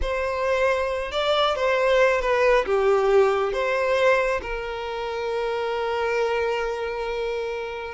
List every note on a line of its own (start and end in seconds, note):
0.01 1.11 C5
1.11 1.55 D5
1.55 2.21 C5
2.21 2.65 B4
2.65 3.52 G4
3.52 4.40 C5
4.41 7.94 A#4